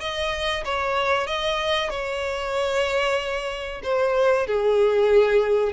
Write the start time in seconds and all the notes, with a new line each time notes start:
0.00 D#5
0.65 C#5
1.27 D#5
1.90 C#5
3.83 C5
4.47 G#4